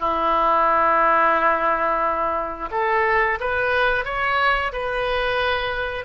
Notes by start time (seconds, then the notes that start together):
0.00 E4
2.72 A4
3.40 B4
4.05 C#5
4.73 B4